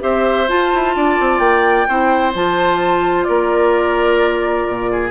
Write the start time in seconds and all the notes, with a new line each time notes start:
0.00 C4 G4 C5 E5
0.47 F4 A5
0.73 E4
0.96 D4 D5
1.20 C4
1.39 A#3 G5
1.88 C4 E4 C5
2.34 F3 F4 A5
3.23 A#3 A#4 D5
4.68 A#2
4.91 G#4